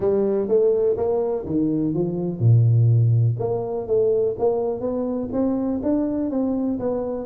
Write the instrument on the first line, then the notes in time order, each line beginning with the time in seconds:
tuba
0.00 G3
0.48 A3
0.96 A#3
1.45 D#3
1.94 F3
2.39 A#2
3.39 A#3
3.87 A3
4.38 A#3
4.80 B3
5.32 C4
5.82 D4
6.30 C4
6.79 B3